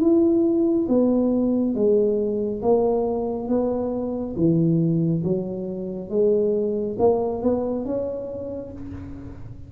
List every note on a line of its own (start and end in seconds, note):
0.00 0.87 E4
0.88 1.75 B3
1.75 2.62 G#3
2.62 3.48 A#3
3.48 4.35 B3
4.36 5.23 E3
5.23 6.09 F#3
6.09 6.96 G#3
6.98 7.42 A#3
7.42 7.85 B3
7.85 8.72 C#4